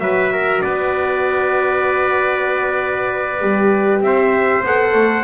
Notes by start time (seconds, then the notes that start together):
0.00 F#3 F#4 B4 E5
0.33 A#4
0.62 B3 B4 D5
3.40 G3 G4
4.01 C4 C5 E5
4.64 B3 A4 F#5
4.94 A3